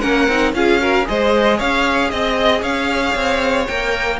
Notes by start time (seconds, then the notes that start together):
0.00 A#3 C#4 A#4 F#5
0.27 C4 D#4
0.52 C#4 F4 G#4 F5
0.80 F#4 A#4
1.05 G#3 G#4 C5 D#5
1.57 C#4 C#5 F5
2.10 C4 D#5
2.61 C#4 C#5 F5
3.15 C4
3.67 A#3 A#4 G5